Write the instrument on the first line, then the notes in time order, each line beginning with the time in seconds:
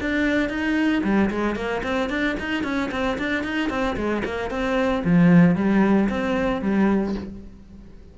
cello
0.00 D4
0.49 D#4
1.03 G3
1.30 G#3
1.55 A#3
1.83 C4
2.09 D4
2.39 D#4
2.63 C#4
2.91 C4
3.18 D4
3.43 D#4
3.69 C4
3.96 G#3
4.24 A#3
4.50 C4
5.04 F3
5.55 G3
6.09 C4
6.61 G3